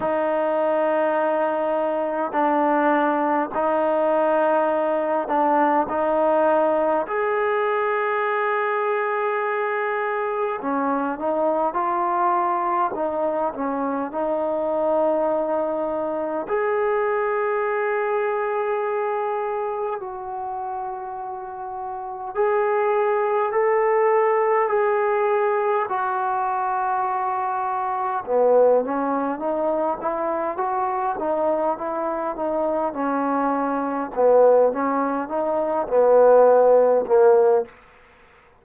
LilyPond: \new Staff \with { instrumentName = "trombone" } { \time 4/4 \tempo 4 = 51 dis'2 d'4 dis'4~ | dis'8 d'8 dis'4 gis'2~ | gis'4 cis'8 dis'8 f'4 dis'8 cis'8 | dis'2 gis'2~ |
gis'4 fis'2 gis'4 | a'4 gis'4 fis'2 | b8 cis'8 dis'8 e'8 fis'8 dis'8 e'8 dis'8 | cis'4 b8 cis'8 dis'8 b4 ais8 | }